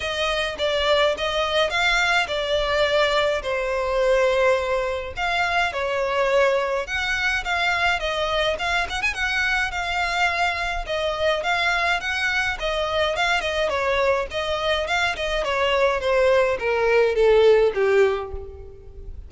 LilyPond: \new Staff \with { instrumentName = "violin" } { \time 4/4 \tempo 4 = 105 dis''4 d''4 dis''4 f''4 | d''2 c''2~ | c''4 f''4 cis''2 | fis''4 f''4 dis''4 f''8 fis''16 gis''16 |
fis''4 f''2 dis''4 | f''4 fis''4 dis''4 f''8 dis''8 | cis''4 dis''4 f''8 dis''8 cis''4 | c''4 ais'4 a'4 g'4 | }